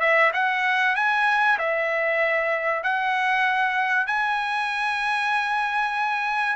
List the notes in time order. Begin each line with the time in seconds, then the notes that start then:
0.00 E5
0.33 F#5
0.96 G#5
1.59 E5
2.84 F#5
4.07 G#5